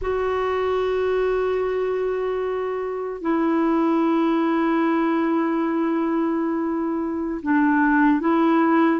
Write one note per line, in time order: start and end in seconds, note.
0.01 3.21 F#4
3.21 7.41 E4
7.42 8.20 D4
8.20 9.00 E4